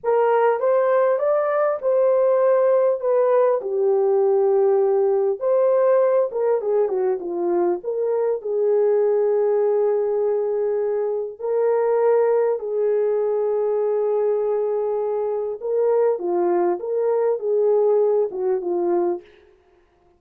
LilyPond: \new Staff \with { instrumentName = "horn" } { \time 4/4 \tempo 4 = 100 ais'4 c''4 d''4 c''4~ | c''4 b'4 g'2~ | g'4 c''4. ais'8 gis'8 fis'8 | f'4 ais'4 gis'2~ |
gis'2. ais'4~ | ais'4 gis'2.~ | gis'2 ais'4 f'4 | ais'4 gis'4. fis'8 f'4 | }